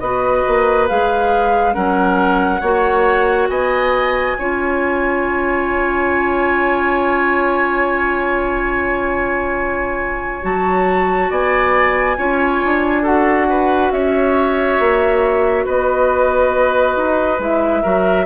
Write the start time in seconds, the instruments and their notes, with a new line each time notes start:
0.00 bassoon B3, clarinet F#4, oboe B4, flute D#5
0.47 bassoon A#3
0.89 bassoon G#3, clarinet G#4, flute F5
1.73 bassoon F#3, clarinet C#4, oboe A#4, flute F#5
2.61 bassoon A#3, clarinet F#4, oboe C#5
3.49 bassoon B3, oboe D#5, flute G#5
4.38 bassoon C#4, clarinet F4, oboe C#5
10.43 bassoon F#3, clarinet F#4, flute A5
11.30 bassoon B3, oboe D5, flute G#5
12.17 bassoon C#4, clarinet F4, oboe C#5
12.64 bassoon D4
13.02 clarinet F#4, oboe A4, flute F#5
13.49 oboe B4
13.91 bassoon C#4, oboe C#5, flute E5
14.79 bassoon A#3
15.65 bassoon B3, oboe B4, flute D#5
16.96 bassoon D#4
17.39 bassoon G#3, clarinet E4, flute E5
17.82 bassoon F#3, clarinet F#4, oboe A#4